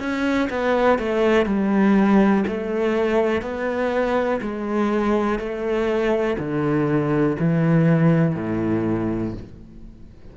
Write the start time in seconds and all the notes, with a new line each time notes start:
0.00 C#4
0.50 B3
0.99 A3
1.46 G3
2.48 A3
3.42 B3
4.42 G#3
5.39 A3
6.39 D3
7.39 E3
8.36 A2